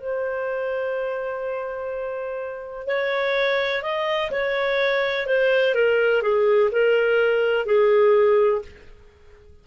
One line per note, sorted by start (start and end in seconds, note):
0.00 2.86 C5
2.86 3.82 C#5
3.82 4.30 D#5
4.31 5.26 C#5
5.26 5.74 C5
5.74 6.22 A#4
6.22 6.70 G#4
6.71 7.65 A#4
7.65 8.61 G#4